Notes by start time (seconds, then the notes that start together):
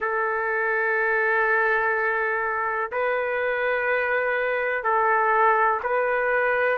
0.00 A4
2.91 B4
4.83 A4
5.83 B4